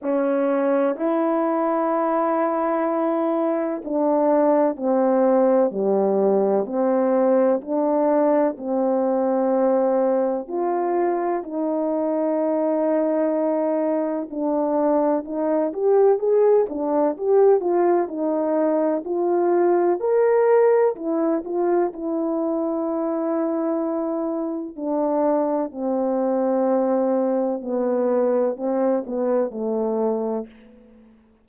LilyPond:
\new Staff \with { instrumentName = "horn" } { \time 4/4 \tempo 4 = 63 cis'4 e'2. | d'4 c'4 g4 c'4 | d'4 c'2 f'4 | dis'2. d'4 |
dis'8 g'8 gis'8 d'8 g'8 f'8 dis'4 | f'4 ais'4 e'8 f'8 e'4~ | e'2 d'4 c'4~ | c'4 b4 c'8 b8 a4 | }